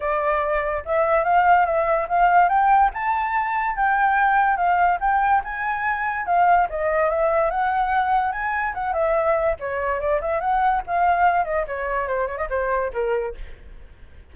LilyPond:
\new Staff \with { instrumentName = "flute" } { \time 4/4 \tempo 4 = 144 d''2 e''4 f''4 | e''4 f''4 g''4 a''4~ | a''4 g''2 f''4 | g''4 gis''2 f''4 |
dis''4 e''4 fis''2 | gis''4 fis''8 e''4. cis''4 | d''8 e''8 fis''4 f''4. dis''8 | cis''4 c''8 cis''16 dis''16 c''4 ais'4 | }